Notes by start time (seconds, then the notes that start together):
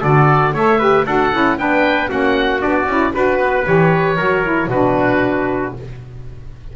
0.00 D3 F#4 A4 D5
0.53 A3 A4 C#5 E5
0.79 G4 B4
1.06 D4 F#4 A4 F#5
1.33 C#4 E4
1.58 B3 D4 B4 G5
2.09 A#3 C#4 F#4 F#5
2.60 B3 D4 D5
2.86 C#4 E4
3.14 D4 F#4 B4
3.39 B3
3.65 E3 G4 C#5
4.17 F#3 F#4 A#4
4.43 E4
4.68 B2 D4 F#4 B4